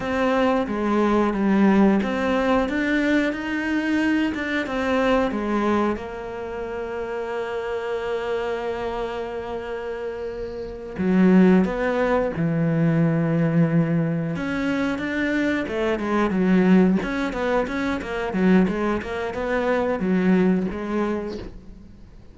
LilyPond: \new Staff \with { instrumentName = "cello" } { \time 4/4 \tempo 4 = 90 c'4 gis4 g4 c'4 | d'4 dis'4. d'8 c'4 | gis4 ais2.~ | ais1~ |
ais8 fis4 b4 e4.~ | e4. cis'4 d'4 a8 | gis8 fis4 cis'8 b8 cis'8 ais8 fis8 | gis8 ais8 b4 fis4 gis4 | }